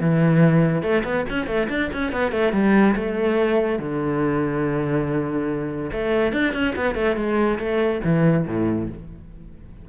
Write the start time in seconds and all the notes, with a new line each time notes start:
0.00 E3
0.82 A3
1.04 B3
1.29 C#4
1.47 A3
1.69 D4
1.93 C#4
2.12 B3
2.32 A3
2.52 G3
2.96 A3
3.79 D3
5.92 A3
6.32 D4
6.53 C#4
6.76 B3
6.95 A3
7.16 G#3
7.59 A3
8.04 E3
8.47 A2